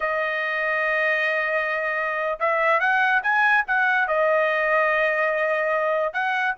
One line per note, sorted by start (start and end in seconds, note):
0.00 2.39 D#5
2.39 2.80 E5
2.80 3.21 F#5
3.23 3.64 G#5
3.67 4.07 F#5
4.07 6.13 D#5
6.13 6.55 F#5